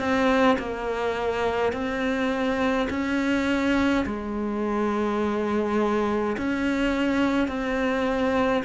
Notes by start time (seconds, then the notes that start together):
0.00 C4
0.59 A#3
1.73 C4
2.90 C#4
4.06 G#3
6.38 C#4
7.48 C4